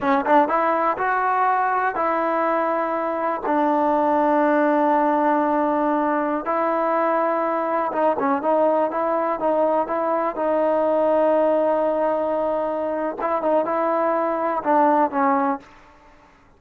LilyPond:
\new Staff \with { instrumentName = "trombone" } { \time 4/4 \tempo 4 = 123 cis'8 d'8 e'4 fis'2 | e'2. d'4~ | d'1~ | d'4~ d'16 e'2~ e'8.~ |
e'16 dis'8 cis'8 dis'4 e'4 dis'8.~ | dis'16 e'4 dis'2~ dis'8.~ | dis'2. e'8 dis'8 | e'2 d'4 cis'4 | }